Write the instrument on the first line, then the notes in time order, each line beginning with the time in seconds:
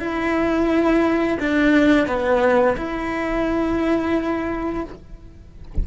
cello
0.00 E4
1.40 D4
2.08 B3
2.77 E4